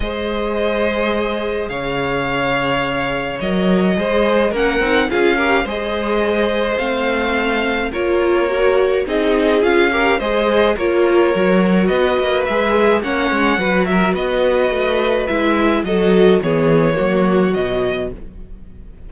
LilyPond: <<
  \new Staff \with { instrumentName = "violin" } { \time 4/4 \tempo 4 = 106 dis''2. f''4~ | f''2 dis''2 | fis''4 f''4 dis''2 | f''2 cis''2 |
dis''4 f''4 dis''4 cis''4~ | cis''4 dis''4 e''4 fis''4~ | fis''8 e''8 dis''2 e''4 | dis''4 cis''2 dis''4 | }
  \new Staff \with { instrumentName = "violin" } { \time 4/4 c''2. cis''4~ | cis''2. c''4 | ais'4 gis'8 ais'8 c''2~ | c''2 ais'2 |
gis'4. ais'8 c''4 ais'4~ | ais'4 b'2 cis''4 | b'8 ais'8 b'2. | a'4 gis'4 fis'2 | }
  \new Staff \with { instrumentName = "viola" } { \time 4/4 gis'1~ | gis'2 ais'4 gis'4 | cis'8 dis'8 f'8 g'8 gis'2 | c'2 f'4 fis'4 |
dis'4 f'8 g'8 gis'4 f'4 | fis'2 gis'4 cis'4 | fis'2. e'4 | fis'4 b4 ais4 fis4 | }
  \new Staff \with { instrumentName = "cello" } { \time 4/4 gis2. cis4~ | cis2 fis4 gis4 | ais8 c'8 cis'4 gis2 | a2 ais2 |
c'4 cis'4 gis4 ais4 | fis4 b8 ais8 gis4 ais8 gis8 | fis4 b4 a4 gis4 | fis4 e4 fis4 b,4 | }
>>